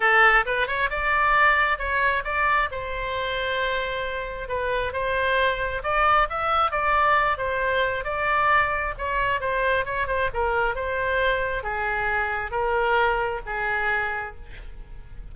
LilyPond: \new Staff \with { instrumentName = "oboe" } { \time 4/4 \tempo 4 = 134 a'4 b'8 cis''8 d''2 | cis''4 d''4 c''2~ | c''2 b'4 c''4~ | c''4 d''4 e''4 d''4~ |
d''8 c''4. d''2 | cis''4 c''4 cis''8 c''8 ais'4 | c''2 gis'2 | ais'2 gis'2 | }